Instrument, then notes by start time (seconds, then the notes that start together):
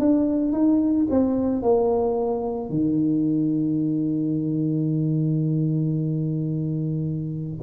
tuba
0.00 D4
0.53 D#4
1.11 C4
1.63 A#3
2.70 D#3